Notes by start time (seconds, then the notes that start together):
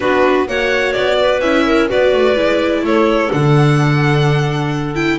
0.00 B3 D4 F#4 B4
0.47 A#3 F#4 C#5 F#5
0.92 B3 D5
1.19 B4
1.40 C#4 E4 E5
1.65 A#4
1.89 B3 F#4 B4 D5
2.13 A3
2.35 G#3 E4
2.82 A3 A4 C#5
3.31 D3 D4 F#5
4.94 E4 G5